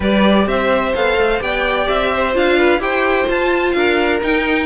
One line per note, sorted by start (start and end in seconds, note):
0.00 0.46 G3
0.00 0.94 G4
0.00 0.47 B4
0.00 0.48 D5
0.46 0.93 C4
0.46 1.42 C5
0.46 0.94 E5
0.94 1.17 B3
0.94 1.39 A4
0.94 1.41 F5
1.17 1.40 A3
1.39 1.87 B3
1.39 2.33 G4
1.39 2.12 D5
1.39 1.88 G5
1.88 2.35 C4
1.88 2.34 E5
2.12 2.57 C5
2.33 2.78 D4
2.33 2.79 F4
2.33 2.81 F5
2.57 2.81 B4
2.78 3.25 E4
2.78 3.26 G4
2.78 3.76 C5
2.78 3.28 G5
3.27 4.21 F4
3.27 3.74 F4
3.27 3.71 A5
3.71 4.21 D4
3.71 4.65 A#4
3.71 4.18 F5
4.22 4.65 D#4
4.22 4.65 G5